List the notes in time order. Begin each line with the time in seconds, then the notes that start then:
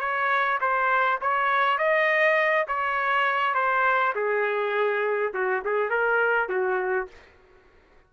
0.00 C#5
0.61 C5
1.21 C#5
1.78 D#5
2.68 C#5
3.55 C5
4.15 G#4
5.34 F#4
5.65 G#4
5.90 A#4
6.49 F#4